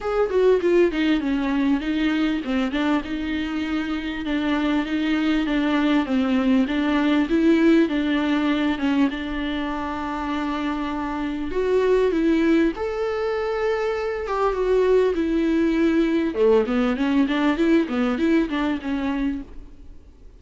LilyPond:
\new Staff \with { instrumentName = "viola" } { \time 4/4 \tempo 4 = 99 gis'8 fis'8 f'8 dis'8 cis'4 dis'4 | c'8 d'8 dis'2 d'4 | dis'4 d'4 c'4 d'4 | e'4 d'4. cis'8 d'4~ |
d'2. fis'4 | e'4 a'2~ a'8 g'8 | fis'4 e'2 a8 b8 | cis'8 d'8 e'8 b8 e'8 d'8 cis'4 | }